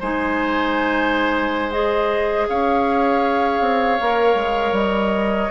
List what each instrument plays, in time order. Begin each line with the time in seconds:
0.00 bassoon G#3, clarinet D#4, oboe C5, flute G#5
1.72 clarinet G#4, flute D#5
2.49 bassoon C#4, oboe C#5, flute F5
3.60 bassoon C4
4.00 bassoon A#3, clarinet A#4
4.35 bassoon G#3
4.72 bassoon G3, flute D#5